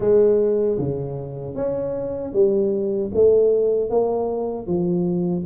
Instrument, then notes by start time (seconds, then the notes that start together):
tuba
0.00 G#3
0.78 C#3
1.55 C#4
2.33 G3
3.14 A3
3.90 A#3
4.66 F3